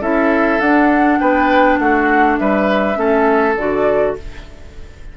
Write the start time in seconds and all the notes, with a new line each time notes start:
0.00 C#4 E4 A4 E5
0.60 D4 F#5
1.18 B3 B4 G5
1.78 A3 F#4 F#5
2.37 G3 B4 E5
2.94 A3 C#4 A4
3.56 D3 F#4 D5